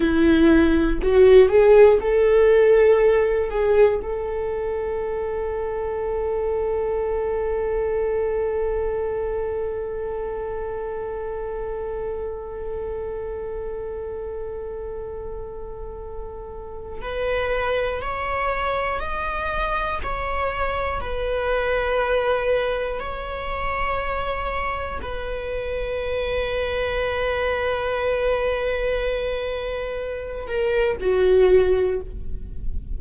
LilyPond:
\new Staff \with { instrumentName = "viola" } { \time 4/4 \tempo 4 = 60 e'4 fis'8 gis'8 a'4. gis'8 | a'1~ | a'1~ | a'1~ |
a'4 b'4 cis''4 dis''4 | cis''4 b'2 cis''4~ | cis''4 b'2.~ | b'2~ b'8 ais'8 fis'4 | }